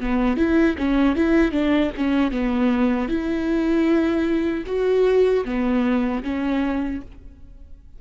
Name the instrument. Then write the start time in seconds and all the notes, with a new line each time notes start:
viola
0.00 B3
0.37 E4
0.78 C#4
1.15 E4
1.52 D4
1.97 C#4
2.31 B3
3.08 E4
4.66 F#4
5.45 B3
6.23 C#4